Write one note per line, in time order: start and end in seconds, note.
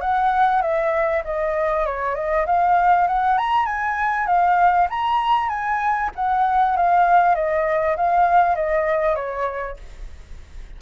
0.00 0.61 F#5
0.62 1.23 E5
1.24 1.85 D#5
1.85 2.15 C#5
2.15 2.45 D#5
2.46 3.07 F5
3.07 3.37 F#5
3.37 3.65 A#5
3.65 4.26 G#5
4.26 4.87 F5
4.90 5.49 A#5
5.49 6.10 G#5
6.15 6.76 F#5
6.76 7.34 F5
7.34 7.96 D#5
7.96 8.55 F5
8.55 9.15 D#5
9.15 9.76 C#5